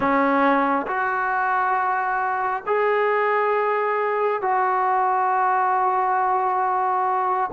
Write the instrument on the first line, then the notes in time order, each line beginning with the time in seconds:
trombone
0.00 C#4
0.86 F#4
2.66 G#4
4.41 F#4